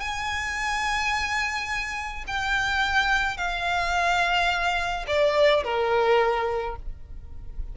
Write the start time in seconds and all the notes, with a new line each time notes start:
0.00 G#5
2.27 G5
3.37 F5
5.07 D5
5.64 A#4